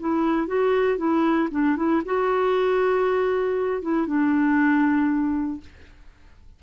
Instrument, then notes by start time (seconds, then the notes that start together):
clarinet
0.00 E4
0.48 F#4
0.98 E4
1.51 D4
1.77 E4
2.05 F#4
3.82 E4
4.07 D4